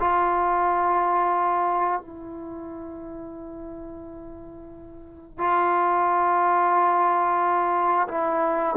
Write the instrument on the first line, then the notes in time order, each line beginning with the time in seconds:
trombone
0.00 F4
2.01 E4
5.38 F4
8.08 E4